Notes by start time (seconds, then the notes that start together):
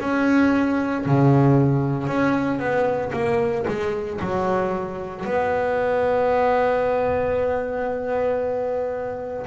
0.00 C#4
1.06 C#3
2.07 C#4
2.59 B3
3.13 A#3
3.67 G#3
4.21 F#3
5.25 B3